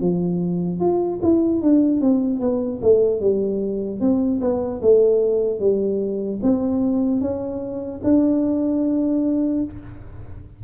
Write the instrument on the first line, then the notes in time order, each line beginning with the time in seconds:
tuba
0.00 F3
0.80 F4
1.22 E4
1.61 D4
2.00 C4
2.40 B3
2.81 A3
3.20 G3
4.00 C4
4.40 B3
4.81 A3
5.59 G3
6.42 C4
7.20 C#4
8.03 D4